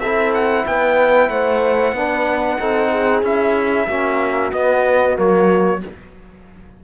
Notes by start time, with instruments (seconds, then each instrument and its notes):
0.00 cello C4, trombone E4, horn A4, trumpet E5
0.34 trumpet F#5
0.67 cello B3, horn B4, trumpet G5
1.29 cello A3, horn C5, trumpet F#5
1.92 cello B3, trombone D4, horn B4
2.60 cello C4, trombone D#4, horn A4
2.91 horn G#4
3.23 cello C#4, trombone E4, trumpet E5
3.87 cello A#3, trombone C#4, horn F#4
4.52 trombone B3, cello B3, trumpet D#5
5.15 cello F#3, trombone A#3, trumpet C#5